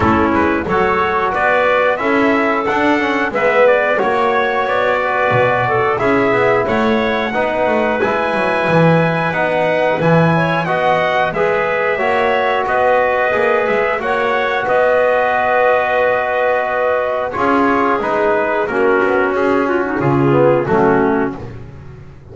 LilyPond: <<
  \new Staff \with { instrumentName = "trumpet" } { \time 4/4 \tempo 4 = 90 a'8 b'8 cis''4 d''4 e''4 | fis''4 e''8 d''8 cis''4 d''4~ | d''4 e''4 fis''2 | gis''2 fis''4 gis''4 |
fis''4 e''2 dis''4~ | dis''8 e''8 fis''4 dis''2~ | dis''2 cis''4 b'4 | ais'4 gis'8 fis'8 gis'4 fis'4 | }
  \new Staff \with { instrumentName = "clarinet" } { \time 4/4 e'4 a'4 b'4 a'4~ | a'4 b'4 cis''4. b'8~ | b'8 a'8 gis'4 cis''4 b'4~ | b'2.~ b'8 cis''8 |
dis''4 b'4 cis''4 b'4~ | b'4 cis''4 b'2~ | b'2 gis'2 | fis'4. f'16 dis'16 f'4 cis'4 | }
  \new Staff \with { instrumentName = "trombone" } { \time 4/4 cis'4 fis'2 e'4 | d'8 cis'8 b4 fis'2~ | fis'4 e'2 dis'4 | e'2 dis'4 e'4 |
fis'4 gis'4 fis'2 | gis'4 fis'2.~ | fis'2 f'4 dis'4 | cis'2~ cis'8 b8 a4 | }
  \new Staff \with { instrumentName = "double bass" } { \time 4/4 a8 gis8 fis4 b4 cis'4 | d'4 gis4 ais4 b4 | b,4 cis'8 b8 a4 b8 a8 | gis8 fis8 e4 b4 e4 |
b4 gis4 ais4 b4 | ais8 gis8 ais4 b2~ | b2 cis'4 gis4 | ais8 b8 cis'4 cis4 fis4 | }
>>